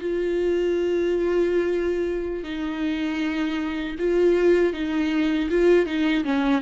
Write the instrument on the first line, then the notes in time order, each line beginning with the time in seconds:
viola
0.00 F4
2.43 D#4
3.99 F4
4.73 D#4
5.50 F4
5.86 D#4
6.24 C#4